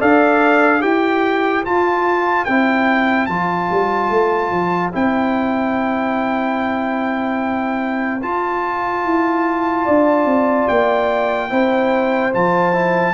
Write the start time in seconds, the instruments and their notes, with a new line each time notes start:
0.00 tuba D4, trombone A4, horn D5, trumpet F5
0.80 tuba E4, trombone G4, horn C5, trumpet G5
1.64 trombone F4, tuba F4, trumpet A5
2.45 tuba C4, trombone E4, trumpet G5
3.26 tuba F3, trombone F4, trumpet A5
3.71 tuba G3
4.10 tuba A3
4.52 tuba F3
4.93 tuba C4, trombone E4, trumpet G5
8.22 trombone F4, tuba F4, trumpet A5
9.05 tuba E4
9.85 tuba D4, horn D5
10.26 tuba C4
10.68 tuba A#3, trumpet G5
11.50 tuba C4, trombone E4, horn C5
12.33 tuba F3, trombone F4, trumpet A5
12.73 trombone E4